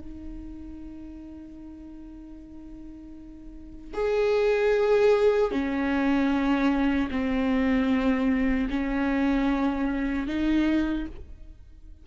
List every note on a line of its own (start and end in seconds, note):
0.00 3.94 D#4
3.94 5.52 G#4
5.52 7.09 C#4
7.11 8.69 C4
8.70 10.27 C#4
10.27 11.06 D#4